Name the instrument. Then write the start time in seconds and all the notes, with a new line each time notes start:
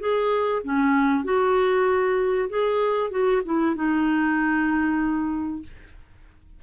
clarinet
0.00 G#4
0.64 C#4
1.24 F#4
2.49 G#4
3.11 F#4
3.45 E4
3.76 D#4